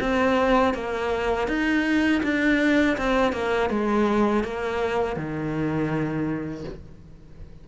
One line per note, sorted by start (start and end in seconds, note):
0.00 0.74 C4
0.74 1.47 A#3
1.47 2.22 D#4
2.23 2.97 D4
2.97 3.32 C4
3.32 3.69 A#3
3.70 4.43 G#3
4.43 5.16 A#3
5.16 6.64 D#3